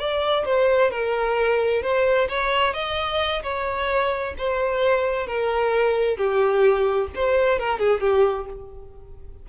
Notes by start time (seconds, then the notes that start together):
0.00 D5
0.46 C5
0.91 A#4
1.83 C5
2.29 C#5
2.74 D#5
3.43 C#5
4.38 C5
5.27 A#4
6.18 G4
7.15 C5
7.59 A#4
7.79 G#4
8.00 G4